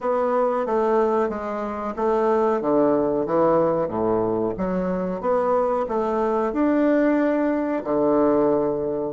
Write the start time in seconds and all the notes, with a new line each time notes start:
0.00 B3
0.66 A3
1.29 G#3
1.96 A3
2.61 D3
3.25 E3
3.88 A2
4.57 F#3
5.21 B3
5.88 A3
6.52 D4
7.83 D3